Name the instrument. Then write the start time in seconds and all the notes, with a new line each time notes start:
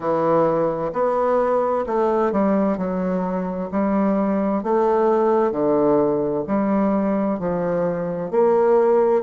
bassoon
0.00 E3
0.92 B3
1.86 A3
2.32 G3
2.77 F#3
3.71 G3
4.63 A3
5.51 D3
6.47 G3
7.39 F3
8.31 A#3